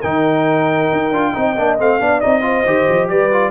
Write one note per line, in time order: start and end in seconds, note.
0.00 0.91 D#3
0.00 1.13 D#4
0.00 1.31 A#4
0.00 1.77 G5
0.93 1.11 D#4
1.11 1.33 D4
1.11 1.34 F4
1.33 1.58 C4
1.33 1.56 D#4
1.33 1.99 D#5
1.57 1.79 A#3
1.57 1.79 D4
1.79 2.01 A3
1.79 2.00 C4
1.79 2.21 F5
2.00 2.23 B3
2.00 2.21 D4
2.00 2.44 D5
2.21 2.65 C4
2.21 2.42 D#4
2.21 3.08 D#5
2.42 2.63 F4
2.42 3.10 C5
2.65 2.87 D#3
2.65 3.32 G4
2.89 3.10 F3
3.09 3.51 G3
3.09 3.51 B4
3.09 3.51 D5
3.32 3.51 F4